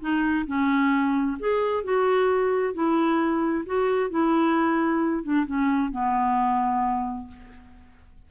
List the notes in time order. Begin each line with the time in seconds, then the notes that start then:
0.00 D#4
0.46 C#4
1.39 G#4
1.84 F#4
2.74 E4
3.66 F#4
4.10 E4
5.23 D4
5.46 C#4
5.91 B3